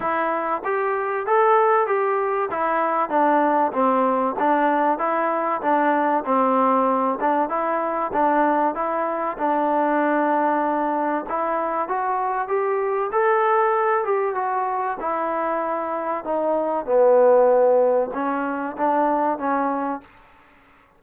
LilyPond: \new Staff \with { instrumentName = "trombone" } { \time 4/4 \tempo 4 = 96 e'4 g'4 a'4 g'4 | e'4 d'4 c'4 d'4 | e'4 d'4 c'4. d'8 | e'4 d'4 e'4 d'4~ |
d'2 e'4 fis'4 | g'4 a'4. g'8 fis'4 | e'2 dis'4 b4~ | b4 cis'4 d'4 cis'4 | }